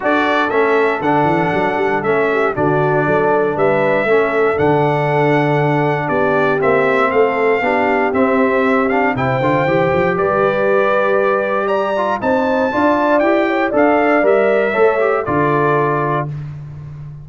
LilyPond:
<<
  \new Staff \with { instrumentName = "trumpet" } { \time 4/4 \tempo 4 = 118 d''4 e''4 fis''2 | e''4 d''2 e''4~ | e''4 fis''2. | d''4 e''4 f''2 |
e''4. f''8 g''2 | d''2. ais''4 | a''2 g''4 f''4 | e''2 d''2 | }
  \new Staff \with { instrumentName = "horn" } { \time 4/4 a'1~ | a'8 g'8 fis'4 a'4 b'4 | a'1 | g'2 a'4 g'4~ |
g'2 c''2 | b'2. d''4 | c''4 d''4. cis''8 d''4~ | d''4 cis''4 a'2 | }
  \new Staff \with { instrumentName = "trombone" } { \time 4/4 fis'4 cis'4 d'2 | cis'4 d'2. | cis'4 d'2.~ | d'4 c'2 d'4 |
c'4. d'8 e'8 f'8 g'4~ | g'2.~ g'8 f'8 | dis'4 f'4 g'4 a'4 | ais'4 a'8 g'8 f'2 | }
  \new Staff \with { instrumentName = "tuba" } { \time 4/4 d'4 a4 d8 e8 fis8 g8 | a4 d4 fis4 g4 | a4 d2. | b4 ais4 a4 b4 |
c'2 c8 d8 e8 f8 | g1 | c'4 d'4 e'4 d'4 | g4 a4 d2 | }
>>